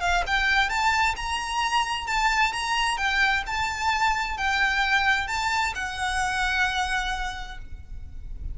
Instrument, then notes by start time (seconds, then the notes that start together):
violin
0.00 F5
0.26 G5
0.69 A5
1.16 A#5
2.07 A5
2.53 A#5
2.97 G5
3.46 A5
4.37 G5
5.27 A5
5.75 F#5